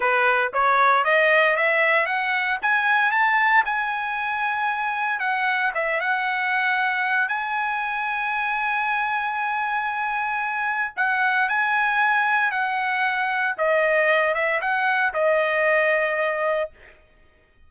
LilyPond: \new Staff \with { instrumentName = "trumpet" } { \time 4/4 \tempo 4 = 115 b'4 cis''4 dis''4 e''4 | fis''4 gis''4 a''4 gis''4~ | gis''2 fis''4 e''8 fis''8~ | fis''2 gis''2~ |
gis''1~ | gis''4 fis''4 gis''2 | fis''2 dis''4. e''8 | fis''4 dis''2. | }